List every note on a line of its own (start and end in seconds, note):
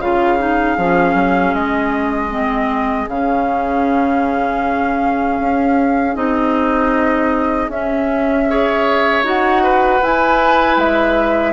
0.00 0.77 C#3
0.00 0.39 F4
0.00 8.50 G#4
0.00 1.55 F5
0.39 0.77 D#4
0.78 1.15 F3
0.78 2.31 C#4
1.15 1.53 F#3
1.54 3.08 G#3
1.54 3.09 D#5
2.31 3.08 C4
3.09 5.40 C#3
3.09 6.15 C#4
3.09 6.16 F5
5.41 6.16 C#4
6.15 7.69 C4
6.15 7.69 D#4
6.15 7.70 D#5
7.69 9.23 C#4
7.69 8.48 C#4
7.69 9.25 E5
8.49 9.24 G#4
8.49 9.64 C#5
9.23 10.00 D#4
9.23 10.01 F#4
9.23 10.04 F#5
9.64 11.53 B4
10.03 10.77 E4
10.03 11.53 E4
10.03 10.79 G#5
10.77 11.53 G#3
10.77 11.53 E5